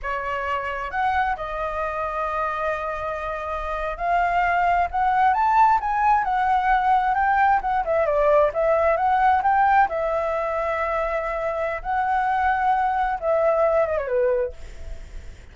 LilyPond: \new Staff \with { instrumentName = "flute" } { \time 4/4 \tempo 4 = 132 cis''2 fis''4 dis''4~ | dis''1~ | dis''8. f''2 fis''4 a''16~ | a''8. gis''4 fis''2 g''16~ |
g''8. fis''8 e''8 d''4 e''4 fis''16~ | fis''8. g''4 e''2~ e''16~ | e''2 fis''2~ | fis''4 e''4. dis''16 cis''16 b'4 | }